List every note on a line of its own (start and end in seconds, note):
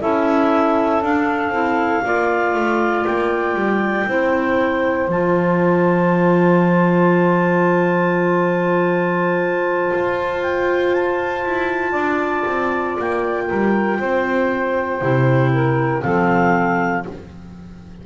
0.00 1.02 C#4
0.00 1.02 E4
0.00 2.04 A4
0.00 1.03 E5
1.02 1.49 D4
1.02 1.52 D4
1.02 3.05 F5
1.49 2.00 C4
1.49 2.03 E4
2.04 2.54 A#3
2.04 4.07 F4
2.04 4.07 D5
2.54 3.05 A3
3.05 3.55 A#3
3.05 5.08 G5
3.55 4.06 G3
4.07 5.08 C4
4.07 5.09 E4
4.07 11.91 C5
5.08 9.91 F3
5.08 15.02 F4
5.08 10.42 A5
9.93 11.45 F4
10.42 10.93 G5
10.93 12.97 A5
11.45 11.93 E4
11.91 12.44 D4
11.91 13.44 D5
12.46 12.97 C4
12.99 13.50 A#3
12.99 16.02 G5
13.47 14.00 G3
13.47 13.98 A#4
13.99 15.01 C4
13.99 15.52 C5
15.01 16.03 C3
15.01 16.02 E4
15.53 16.03 A#4
16.02 17.06 F3
16.02 17.04 C4
16.02 17.05 A4
16.02 17.03 F5